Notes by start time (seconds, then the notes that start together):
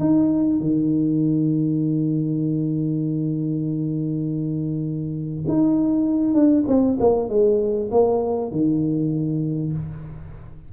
0.00 D#4
0.61 D#3
5.48 D#4
6.34 D4
6.68 C4
7.00 A#3
7.29 G#3
7.91 A#3
8.52 D#3